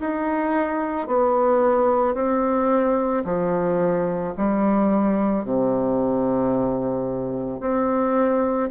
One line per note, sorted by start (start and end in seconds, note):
0.00 1.07 D#4
1.07 2.14 B3
2.14 3.23 C4
3.24 4.33 F3
4.37 5.44 G3
5.44 7.60 C3
7.60 8.69 C4